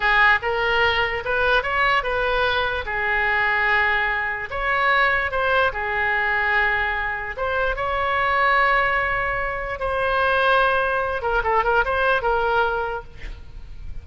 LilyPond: \new Staff \with { instrumentName = "oboe" } { \time 4/4 \tempo 4 = 147 gis'4 ais'2 b'4 | cis''4 b'2 gis'4~ | gis'2. cis''4~ | cis''4 c''4 gis'2~ |
gis'2 c''4 cis''4~ | cis''1 | c''2.~ c''8 ais'8 | a'8 ais'8 c''4 ais'2 | }